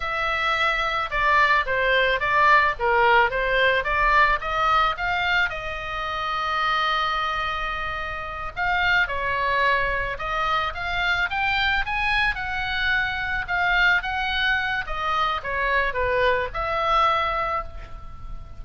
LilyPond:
\new Staff \with { instrumentName = "oboe" } { \time 4/4 \tempo 4 = 109 e''2 d''4 c''4 | d''4 ais'4 c''4 d''4 | dis''4 f''4 dis''2~ | dis''2.~ dis''8 f''8~ |
f''8 cis''2 dis''4 f''8~ | f''8 g''4 gis''4 fis''4.~ | fis''8 f''4 fis''4. dis''4 | cis''4 b'4 e''2 | }